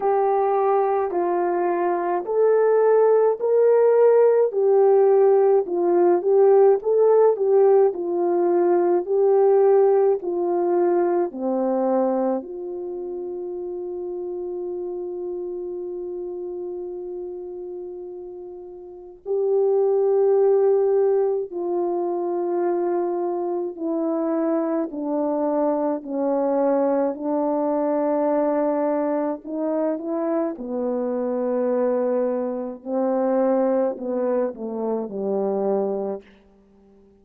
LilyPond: \new Staff \with { instrumentName = "horn" } { \time 4/4 \tempo 4 = 53 g'4 f'4 a'4 ais'4 | g'4 f'8 g'8 a'8 g'8 f'4 | g'4 f'4 c'4 f'4~ | f'1~ |
f'4 g'2 f'4~ | f'4 e'4 d'4 cis'4 | d'2 dis'8 e'8 b4~ | b4 c'4 b8 a8 g4 | }